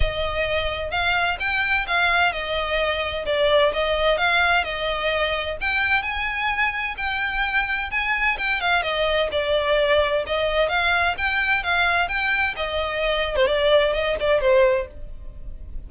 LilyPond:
\new Staff \with { instrumentName = "violin" } { \time 4/4 \tempo 4 = 129 dis''2 f''4 g''4 | f''4 dis''2 d''4 | dis''4 f''4 dis''2 | g''4 gis''2 g''4~ |
g''4 gis''4 g''8 f''8 dis''4 | d''2 dis''4 f''4 | g''4 f''4 g''4 dis''4~ | dis''8. c''16 d''4 dis''8 d''8 c''4 | }